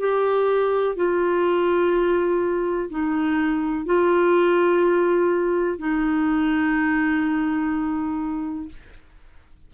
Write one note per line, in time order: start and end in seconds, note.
0.00 0.96 G4
0.96 2.90 F4
2.90 3.86 D#4
3.86 5.78 F4
5.78 8.69 D#4